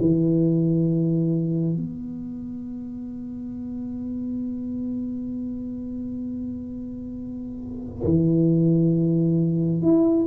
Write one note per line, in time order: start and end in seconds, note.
0.00 1.77 E3
1.77 8.04 B3
8.04 9.82 E3
9.82 10.27 E4